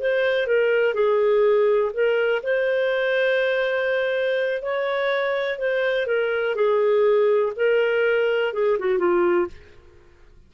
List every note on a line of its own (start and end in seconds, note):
0.00 0.47 C5
0.47 0.94 A#4
0.94 1.92 G#4
1.93 2.42 A#4
2.43 4.62 C5
4.62 5.59 C#5
5.59 6.07 C5
6.07 6.55 A#4
6.55 7.53 G#4
7.56 8.53 A#4
8.53 8.78 G#4
8.79 8.99 F#4
8.99 9.47 F4